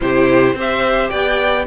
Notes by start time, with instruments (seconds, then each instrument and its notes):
0.01 cello C3, viola E4, violin G4 C5
0.53 cello C4, viola G4, violin C5
0.60 violin E5
1.09 cello B3, violin D5 G5